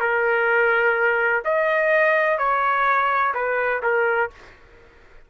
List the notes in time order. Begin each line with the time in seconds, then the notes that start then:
0.00 A#4
1.45 D#5
2.39 C#5
3.34 B4
3.83 A#4